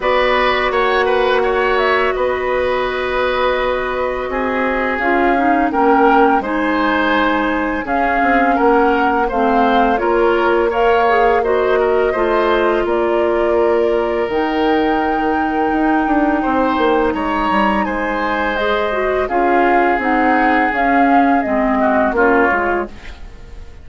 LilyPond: <<
  \new Staff \with { instrumentName = "flute" } { \time 4/4 \tempo 4 = 84 d''4 fis''4. e''8 dis''4~ | dis''2. f''4 | g''4 gis''2 f''4 | fis''4 f''4 cis''4 f''4 |
dis''2 d''2 | g''1 | ais''4 gis''4 dis''4 f''4 | fis''4 f''4 dis''4 cis''4 | }
  \new Staff \with { instrumentName = "oboe" } { \time 4/4 b'4 cis''8 b'8 cis''4 b'4~ | b'2 gis'2 | ais'4 c''2 gis'4 | ais'4 c''4 ais'4 cis''4 |
c''8 ais'8 c''4 ais'2~ | ais'2. c''4 | cis''4 c''2 gis'4~ | gis'2~ gis'8 fis'8 f'4 | }
  \new Staff \with { instrumentName = "clarinet" } { \time 4/4 fis'1~ | fis'2. f'8 dis'8 | cis'4 dis'2 cis'4~ | cis'4 c'4 f'4 ais'8 gis'8 |
fis'4 f'2. | dis'1~ | dis'2 gis'8 fis'8 f'4 | dis'4 cis'4 c'4 cis'8 f'8 | }
  \new Staff \with { instrumentName = "bassoon" } { \time 4/4 b4 ais2 b4~ | b2 c'4 cis'4 | ais4 gis2 cis'8 c'8 | ais4 a4 ais2~ |
ais4 a4 ais2 | dis2 dis'8 d'8 c'8 ais8 | gis8 g8 gis2 cis'4 | c'4 cis'4 gis4 ais8 gis8 | }
>>